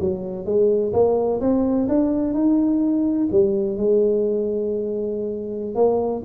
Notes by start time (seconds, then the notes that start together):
0.00 F#3
0.46 G#3
0.93 A#3
1.41 C4
1.89 D4
2.34 D#4
3.32 G3
3.77 G#3
5.76 A#3